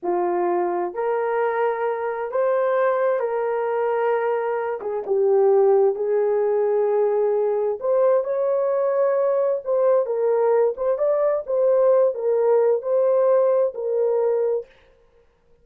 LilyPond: \new Staff \with { instrumentName = "horn" } { \time 4/4 \tempo 4 = 131 f'2 ais'2~ | ais'4 c''2 ais'4~ | ais'2~ ais'8 gis'8 g'4~ | g'4 gis'2.~ |
gis'4 c''4 cis''2~ | cis''4 c''4 ais'4. c''8 | d''4 c''4. ais'4. | c''2 ais'2 | }